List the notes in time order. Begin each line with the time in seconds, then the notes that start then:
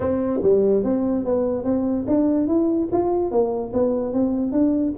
0.00 C4
0.42 G3
0.83 C4
1.24 B3
1.64 C4
2.07 D4
2.47 E4
2.92 F4
3.31 A#3
3.73 B3
4.13 C4
4.52 D4